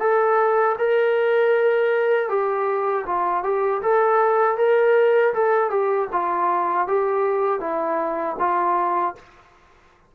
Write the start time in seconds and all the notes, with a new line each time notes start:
0.00 A4
0.79 A#4
2.29 G4
3.07 F4
3.44 G4
3.82 A4
4.58 A#4
5.34 A4
5.70 G4
6.13 F4
6.88 G4
7.61 E4
8.40 F4